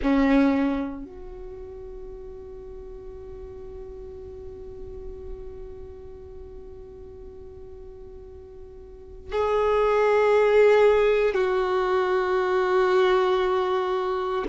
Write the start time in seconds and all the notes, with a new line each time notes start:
0.02 C#4
1.05 F#4
9.32 G#4
11.34 F#4